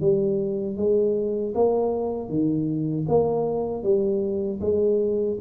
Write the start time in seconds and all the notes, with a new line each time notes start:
0.00 G3
0.76 G#3
1.55 A#3
2.29 D#3
3.08 A#3
3.83 G3
4.60 G#3